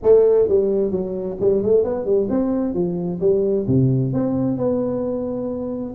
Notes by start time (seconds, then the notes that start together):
0.02 A3
0.48 G3
0.91 F#3
1.40 G3
1.62 A3
1.84 B3
2.05 G3
2.29 C4
2.74 F3
3.20 G3
3.67 C3
4.13 C4
4.57 B3